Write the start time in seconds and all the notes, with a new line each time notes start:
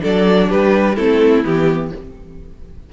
0.00 F#3 D4 A4 D5
0.49 G3 G4 B4
0.95 A3 C4 E4 A4
1.44 E3 B3 G4